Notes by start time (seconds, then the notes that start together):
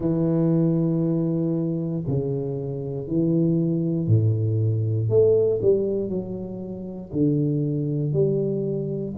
0.00 E3
2.07 C#3
3.07 E3
4.07 A2
5.09 A3
5.61 G3
6.09 F#3
7.12 D3
8.13 G3